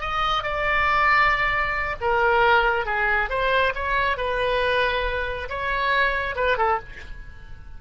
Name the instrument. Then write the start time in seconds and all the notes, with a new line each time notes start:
oboe
0.00 D#5
0.43 D5
2.00 A#4
2.85 G#4
3.29 C5
3.74 C#5
4.17 B4
5.49 C#5
6.35 B4
6.57 A4